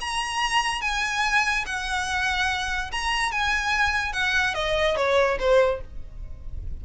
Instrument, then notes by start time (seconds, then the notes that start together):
violin
0.00 A#5
0.81 G#5
1.66 F#5
2.91 A#5
3.31 G#5
4.13 F#5
4.54 D#5
4.96 C#5
5.39 C5